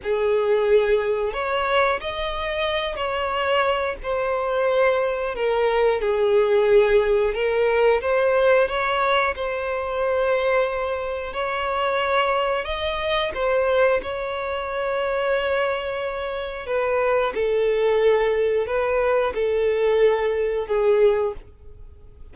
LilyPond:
\new Staff \with { instrumentName = "violin" } { \time 4/4 \tempo 4 = 90 gis'2 cis''4 dis''4~ | dis''8 cis''4. c''2 | ais'4 gis'2 ais'4 | c''4 cis''4 c''2~ |
c''4 cis''2 dis''4 | c''4 cis''2.~ | cis''4 b'4 a'2 | b'4 a'2 gis'4 | }